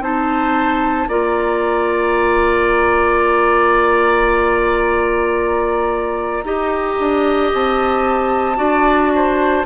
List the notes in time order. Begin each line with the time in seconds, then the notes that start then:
0.00 C4 D#4 C5 A5
1.08 A#3 F4 D5 A#5
6.44 D#4 G4 D#5
6.99 D4
7.53 C4 A5
8.56 D4 F#4 D5
9.15 C5